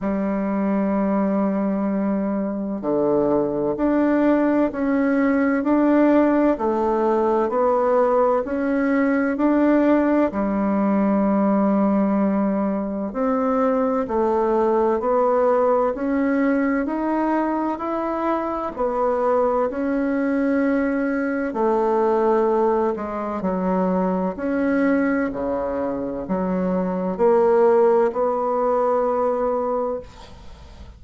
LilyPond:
\new Staff \with { instrumentName = "bassoon" } { \time 4/4 \tempo 4 = 64 g2. d4 | d'4 cis'4 d'4 a4 | b4 cis'4 d'4 g4~ | g2 c'4 a4 |
b4 cis'4 dis'4 e'4 | b4 cis'2 a4~ | a8 gis8 fis4 cis'4 cis4 | fis4 ais4 b2 | }